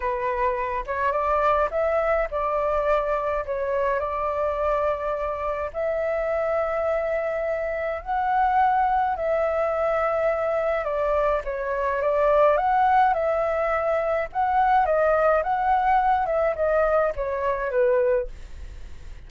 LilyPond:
\new Staff \with { instrumentName = "flute" } { \time 4/4 \tempo 4 = 105 b'4. cis''8 d''4 e''4 | d''2 cis''4 d''4~ | d''2 e''2~ | e''2 fis''2 |
e''2. d''4 | cis''4 d''4 fis''4 e''4~ | e''4 fis''4 dis''4 fis''4~ | fis''8 e''8 dis''4 cis''4 b'4 | }